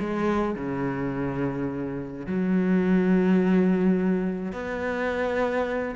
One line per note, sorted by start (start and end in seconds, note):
0.00 0.55 G#3
0.55 2.26 C#3
2.26 4.52 F#3
4.52 5.95 B3